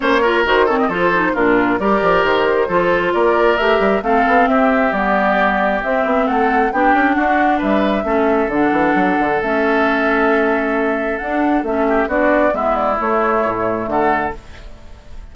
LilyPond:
<<
  \new Staff \with { instrumentName = "flute" } { \time 4/4 \tempo 4 = 134 cis''4 c''8 cis''16 dis''16 c''4 ais'4 | d''4 c''2 d''4 | e''4 f''4 e''4 d''4~ | d''4 e''4 fis''4 g''4 |
fis''4 e''2 fis''4~ | fis''4 e''2.~ | e''4 fis''4 e''4 d''4 | e''8 d''8 cis''2 fis''4 | }
  \new Staff \with { instrumentName = "oboe" } { \time 4/4 c''8 ais'4 a'16 g'16 a'4 f'4 | ais'2 a'4 ais'4~ | ais'4 a'4 g'2~ | g'2 a'4 g'4 |
fis'4 b'4 a'2~ | a'1~ | a'2~ a'8 g'8 fis'4 | e'2. a'4 | }
  \new Staff \with { instrumentName = "clarinet" } { \time 4/4 cis'8 f'8 fis'8 c'8 f'8 dis'8 d'4 | g'2 f'2 | g'4 c'2 b4~ | b4 c'2 d'4~ |
d'2 cis'4 d'4~ | d'4 cis'2.~ | cis'4 d'4 cis'4 d'4 | b4 a2. | }
  \new Staff \with { instrumentName = "bassoon" } { \time 4/4 ais4 dis4 f4 ais,4 | g8 f8 dis4 f4 ais4 | a8 g8 a8 b8 c'4 g4~ | g4 c'8 b8 a4 b8 cis'8 |
d'4 g4 a4 d8 e8 | fis8 d8 a2.~ | a4 d'4 a4 b4 | gis4 a4 a,4 d4 | }
>>